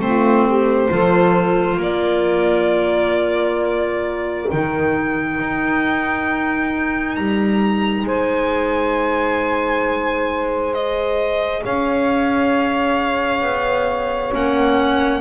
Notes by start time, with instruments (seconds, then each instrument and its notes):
0.00 double bass A3, clarinet C4, saxophone F4, violin C5
0.48 saxophone G4
0.89 double bass F3, clarinet F4, saxophone A4
1.78 double bass A#3, saxophone A#4, violin D5
4.50 double bass D#3, clarinet D#4, violin G5
5.40 double bass D#4
7.16 double bass G3, violin A#5
8.04 double bass G#3, saxophone C5, violin G#5
10.74 clarinet G#4, violin D#5
11.63 double bass C#4, saxophone C#5, violin F5
13.42 double bass B3
14.32 double bass A#3, clarinet C#4, violin F#5